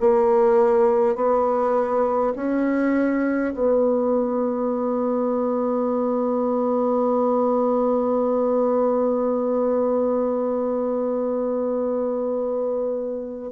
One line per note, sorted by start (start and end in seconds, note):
0.00 1.15 A#3
1.15 2.33 B3
2.35 3.53 C#4
3.53 13.52 B3